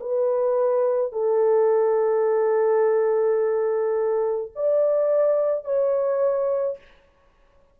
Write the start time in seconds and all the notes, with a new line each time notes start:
0.00 B4
1.12 A4
4.55 D5
5.64 C#5